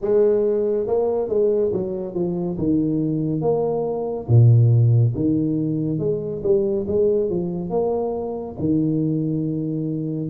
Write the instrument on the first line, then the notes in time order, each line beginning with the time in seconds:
tuba
0.01 G#3
0.86 A#3
1.29 G#3
1.72 F#3
2.14 F3
2.58 D#3
3.41 A#3
4.28 A#2
5.15 D#3
5.98 G#3
6.43 G3
6.87 G#3
7.29 F3
7.69 A#3
8.59 D#3